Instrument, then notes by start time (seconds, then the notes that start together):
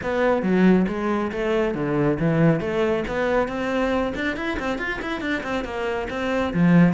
cello
0.02 B3
0.42 F#3
0.88 G#3
1.32 A3
1.74 D3
2.19 E3
2.60 A3
3.07 B3
3.47 C4
4.15 D4
4.36 E4
4.59 C4
4.78 F4
5.01 E4
5.20 D4
5.43 C4
5.64 A#3
6.09 C4
6.53 F3